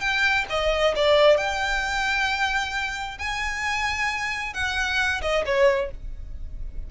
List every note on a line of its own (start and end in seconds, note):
0.00 0.45 G5
0.49 0.95 D#5
0.95 1.37 D5
1.37 3.18 G5
3.18 4.53 G#5
4.53 5.21 F#5
5.21 5.44 D#5
5.45 5.90 C#5